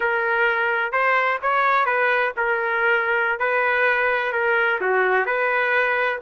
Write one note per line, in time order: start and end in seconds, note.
0.00 0.91 A#4
0.91 1.38 C5
1.41 1.85 C#5
1.85 2.32 B4
2.36 3.39 A#4
3.39 4.32 B4
4.32 4.79 A#4
4.80 5.26 F#4
5.26 6.19 B4